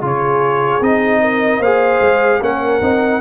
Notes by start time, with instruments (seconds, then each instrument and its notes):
0.00 tuba C#3, trombone F4, horn G#4, trumpet C#5
0.80 tuba C4, trombone D#4, trumpet D#5
1.21 horn A#4
1.59 tuba A#3, trombone G#4, horn C5, trumpet F5
2.00 tuba G#3
2.40 tuba A#3, trombone C#4, horn A#4, trumpet F#5
2.81 tuba C4, trombone D#4